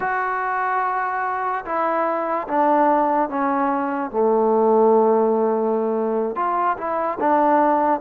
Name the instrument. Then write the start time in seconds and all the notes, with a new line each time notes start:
trombone
0.00 F#4
1.65 E4
2.47 D4
3.29 C#4
4.11 A3
6.35 F4
6.77 E4
7.20 D4